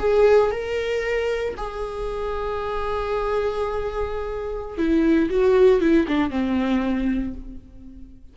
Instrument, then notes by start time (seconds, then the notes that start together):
viola
0.00 G#4
0.52 A#4
1.57 G#4
4.78 E4
5.30 F#4
5.81 E4
6.08 D4
6.31 C4